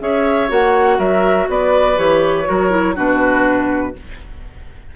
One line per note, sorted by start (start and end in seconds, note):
0.00 0.49 C#4
0.00 0.48 G#4
0.00 0.98 C#5
0.00 0.50 E5
0.48 0.98 A#3
0.48 1.96 F#4
0.48 0.99 F#5
0.98 1.48 F#3
0.98 1.47 A#4
0.98 1.48 E5
1.48 1.97 B3
1.48 2.48 B4
1.48 1.98 D5
1.96 2.46 E3
1.96 2.45 G4
1.96 2.96 C#5
2.45 2.96 F#3
2.45 2.70 F#4
2.45 2.95 A#4
2.70 2.94 E4
2.95 3.95 B2
2.95 3.93 D4
2.95 3.93 F#4
2.95 3.95 B4